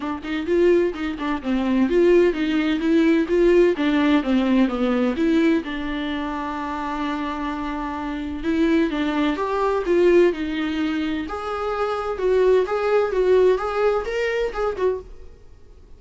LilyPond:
\new Staff \with { instrumentName = "viola" } { \time 4/4 \tempo 4 = 128 d'8 dis'8 f'4 dis'8 d'8 c'4 | f'4 dis'4 e'4 f'4 | d'4 c'4 b4 e'4 | d'1~ |
d'2 e'4 d'4 | g'4 f'4 dis'2 | gis'2 fis'4 gis'4 | fis'4 gis'4 ais'4 gis'8 fis'8 | }